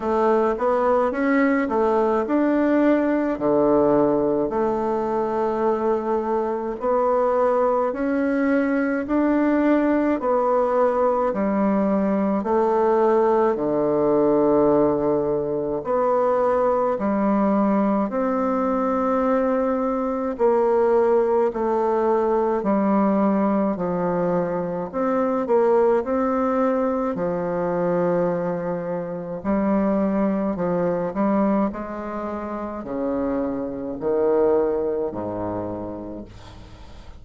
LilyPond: \new Staff \with { instrumentName = "bassoon" } { \time 4/4 \tempo 4 = 53 a8 b8 cis'8 a8 d'4 d4 | a2 b4 cis'4 | d'4 b4 g4 a4 | d2 b4 g4 |
c'2 ais4 a4 | g4 f4 c'8 ais8 c'4 | f2 g4 f8 g8 | gis4 cis4 dis4 gis,4 | }